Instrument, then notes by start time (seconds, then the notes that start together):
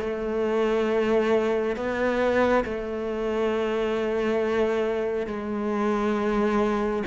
cello
0.00 A3
1.76 B3
2.65 A3
5.27 G#3